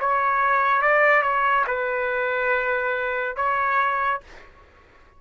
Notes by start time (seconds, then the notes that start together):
0.00 C#5
0.82 D5
1.22 C#5
1.67 B4
3.36 C#5